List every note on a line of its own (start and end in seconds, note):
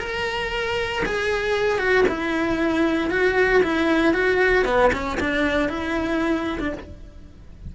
0.00 1.03 A#4
1.06 1.79 G#4
1.79 2.05 F#4
2.09 3.11 E4
3.11 3.63 F#4
3.64 4.14 E4
4.14 4.66 F#4
4.66 4.92 B3
4.93 5.19 C#4
5.21 5.69 D4
5.69 6.60 E4
6.60 6.73 D4